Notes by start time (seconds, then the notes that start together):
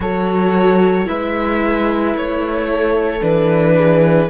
0.00 F#3 F#4 A4 C#5
1.05 G#3 E4 B4 E5
2.14 A3 C#5
2.70 A4
3.20 E3 D4 B4
3.76 G#4